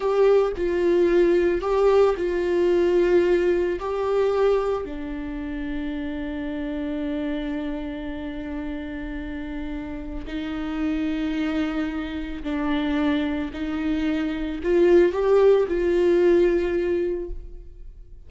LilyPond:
\new Staff \with { instrumentName = "viola" } { \time 4/4 \tempo 4 = 111 g'4 f'2 g'4 | f'2. g'4~ | g'4 d'2.~ | d'1~ |
d'2. dis'4~ | dis'2. d'4~ | d'4 dis'2 f'4 | g'4 f'2. | }